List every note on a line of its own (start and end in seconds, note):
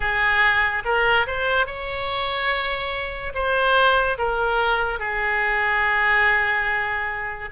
0.00 0.83 G#4
0.84 1.26 A#4
1.27 1.66 C5
1.66 3.33 C#5
3.34 4.17 C5
4.18 4.99 A#4
4.99 7.49 G#4